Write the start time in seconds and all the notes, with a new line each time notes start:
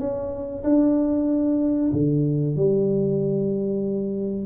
0.00 C#4
0.64 D4
1.93 D3
2.56 G3